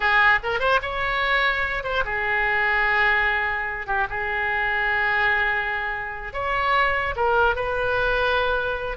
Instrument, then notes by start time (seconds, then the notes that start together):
oboe
0.00 G#4
0.43 A#4
0.59 C5
0.82 C#5
1.83 C5
2.04 G#4
3.86 G4
4.09 G#4
6.33 C#5
7.16 A#4
7.55 B4